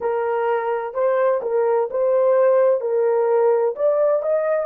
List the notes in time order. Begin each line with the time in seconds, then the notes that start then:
0.00 A#4
0.94 C5
1.42 A#4
1.90 C5
2.80 A#4
3.75 D5
4.22 D#5